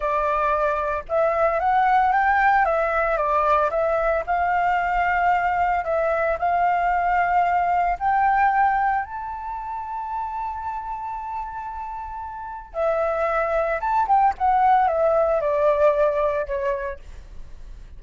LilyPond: \new Staff \with { instrumentName = "flute" } { \time 4/4 \tempo 4 = 113 d''2 e''4 fis''4 | g''4 e''4 d''4 e''4 | f''2. e''4 | f''2. g''4~ |
g''4 a''2.~ | a''1 | e''2 a''8 g''8 fis''4 | e''4 d''2 cis''4 | }